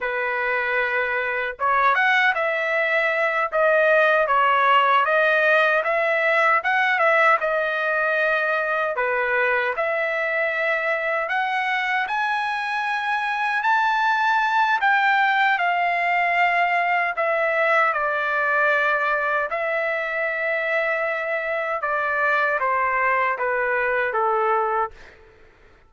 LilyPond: \new Staff \with { instrumentName = "trumpet" } { \time 4/4 \tempo 4 = 77 b'2 cis''8 fis''8 e''4~ | e''8 dis''4 cis''4 dis''4 e''8~ | e''8 fis''8 e''8 dis''2 b'8~ | b'8 e''2 fis''4 gis''8~ |
gis''4. a''4. g''4 | f''2 e''4 d''4~ | d''4 e''2. | d''4 c''4 b'4 a'4 | }